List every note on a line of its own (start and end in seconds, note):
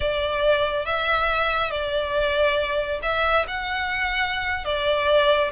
0.00 0.85 D5
0.85 1.70 E5
1.70 3.00 D5
3.02 3.45 E5
3.47 4.64 F#5
4.64 5.51 D5